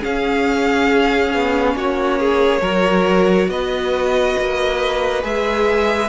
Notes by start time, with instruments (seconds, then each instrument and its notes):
0.00 viola C#4, cello C#4, violin G#4 F5
1.34 cello B3
1.75 cello A#3, violin F#4 C#5
2.19 violin G#4
2.61 cello F#3, viola F#4, violin A#4
3.48 cello B3, violin B4 D#5
4.38 cello A#3
5.22 cello G#3, viola G#4, violin E5